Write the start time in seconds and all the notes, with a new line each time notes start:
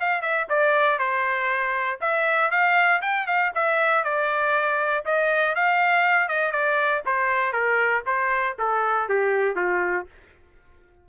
0.00 F5
0.21 E5
0.49 D5
0.99 C5
2.01 E5
2.51 F5
3.02 G5
3.27 F5
3.55 E5
4.04 D5
5.05 D#5
5.55 F5
6.28 D#5
6.52 D5
7.06 C5
7.53 A#4
8.06 C5
8.59 A4
9.08 G4
9.55 F4